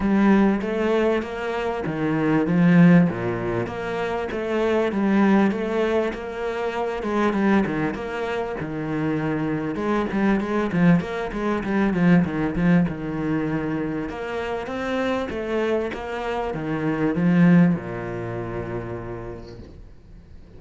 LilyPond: \new Staff \with { instrumentName = "cello" } { \time 4/4 \tempo 4 = 98 g4 a4 ais4 dis4 | f4 ais,4 ais4 a4 | g4 a4 ais4. gis8 | g8 dis8 ais4 dis2 |
gis8 g8 gis8 f8 ais8 gis8 g8 f8 | dis8 f8 dis2 ais4 | c'4 a4 ais4 dis4 | f4 ais,2. | }